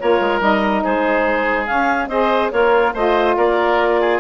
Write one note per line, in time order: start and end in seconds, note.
0.00 0.21 A#3
0.00 0.41 F4
0.00 0.84 A#4
0.00 0.42 C#5
0.21 0.41 G#3
0.41 0.84 G3
0.41 1.66 D#4
0.41 0.84 D#5
0.84 1.70 G#3
0.84 2.10 G#4
0.84 1.67 C5
1.66 2.08 C#4
1.66 2.08 F5
2.08 2.51 C4
2.08 2.53 G#4
2.08 2.52 C5
2.08 2.51 D#5
2.51 2.95 A#3
2.51 2.94 F4
2.51 2.95 A#4
2.51 2.93 C#5
2.94 3.37 A3
2.94 4.21 F4
2.94 3.36 C5
2.94 3.38 D#5
3.38 4.21 A#3
3.38 4.01 A#4
3.38 4.21 D5
4.01 4.21 G#4